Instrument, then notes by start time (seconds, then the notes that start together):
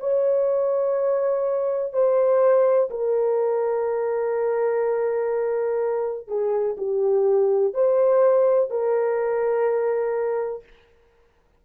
horn
0.00 C#5
1.93 C5
2.91 A#4
6.28 G#4
6.77 G4
7.74 C5
8.71 A#4